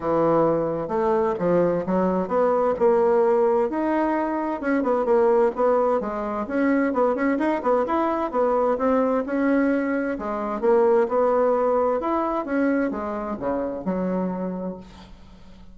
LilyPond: \new Staff \with { instrumentName = "bassoon" } { \time 4/4 \tempo 4 = 130 e2 a4 f4 | fis4 b4 ais2 | dis'2 cis'8 b8 ais4 | b4 gis4 cis'4 b8 cis'8 |
dis'8 b8 e'4 b4 c'4 | cis'2 gis4 ais4 | b2 e'4 cis'4 | gis4 cis4 fis2 | }